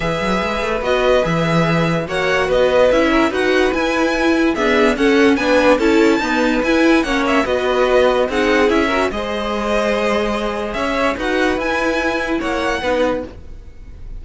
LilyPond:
<<
  \new Staff \with { instrumentName = "violin" } { \time 4/4 \tempo 4 = 145 e''2 dis''4 e''4~ | e''4 fis''4 dis''4 e''4 | fis''4 gis''2 e''4 | fis''4 gis''4 a''2 |
gis''4 fis''8 e''8 dis''2 | fis''4 e''4 dis''2~ | dis''2 e''4 fis''4 | gis''2 fis''2 | }
  \new Staff \with { instrumentName = "violin" } { \time 4/4 b'1~ | b'4 cis''4 b'4. ais'8 | b'2. gis'4 | a'4 b'4 a'4 b'4~ |
b'4 cis''4 b'2 | gis'4. ais'8 c''2~ | c''2 cis''4 b'4~ | b'2 cis''4 b'4 | }
  \new Staff \with { instrumentName = "viola" } { \time 4/4 gis'2 fis'4 gis'4~ | gis'4 fis'2 e'4 | fis'4 e'2 b4 | cis'4 d'4 e'4 b4 |
e'4 cis'4 fis'2 | dis'4 e'8 fis'8 gis'2~ | gis'2. fis'4 | e'2. dis'4 | }
  \new Staff \with { instrumentName = "cello" } { \time 4/4 e8 fis8 gis8 a8 b4 e4~ | e4 ais4 b4 cis'4 | dis'4 e'2 d'4 | cis'4 b4 cis'4 dis'4 |
e'4 ais4 b2 | c'4 cis'4 gis2~ | gis2 cis'4 dis'4 | e'2 ais4 b4 | }
>>